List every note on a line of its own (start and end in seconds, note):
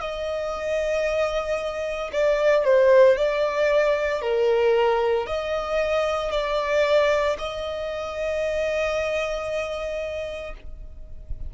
0.00 2.11 D#5
2.12 2.64 D5
2.64 3.16 C5
3.16 4.21 D5
4.21 5.26 A#4
5.26 6.31 D#5
6.31 7.36 D5
7.38 10.54 D#5